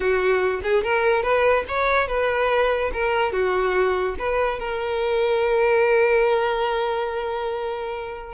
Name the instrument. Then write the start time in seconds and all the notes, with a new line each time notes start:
violin
0.00 F#4
0.63 G#4
0.83 A#4
1.22 B4
1.68 C#5
2.07 B4
2.93 A#4
3.32 F#4
4.18 B4
4.59 A#4